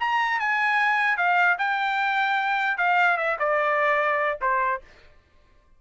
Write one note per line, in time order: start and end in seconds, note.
0.00 0.39 A#5
0.39 1.17 G#5
1.17 1.57 F5
1.58 2.77 G5
2.77 3.17 F5
3.17 3.37 E5
3.39 4.39 D5
4.41 4.81 C5